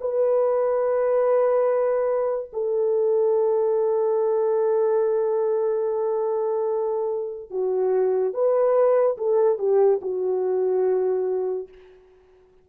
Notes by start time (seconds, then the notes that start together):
0.00 B4
2.52 A4
7.50 F#4
8.33 B4
9.17 A4
9.58 G4
10.01 F#4